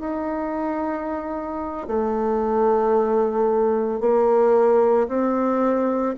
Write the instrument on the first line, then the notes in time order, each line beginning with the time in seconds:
bassoon
0.00 D#4
1.87 A3
4.00 A#3
5.08 C4